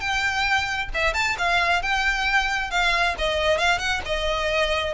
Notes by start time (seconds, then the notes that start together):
0.00 G5
0.94 E5
1.14 A5
1.38 F5
1.82 G5
2.70 F5
3.18 D#5
3.58 F5
3.78 F#5
4.05 D#5